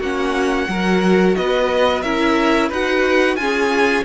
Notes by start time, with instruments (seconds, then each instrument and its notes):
0.00 cello A#3, viola C#4, violin F#4 F#5
0.69 cello F#3, viola F#4, violin A#4
1.36 cello B3, violin B4 D#5
2.02 cello C#4, viola E4, violin A#4 E5
2.69 cello D#4, viola F#4, violin B4 F#5
3.36 viola C#4, cello F4, violin G#4 G#5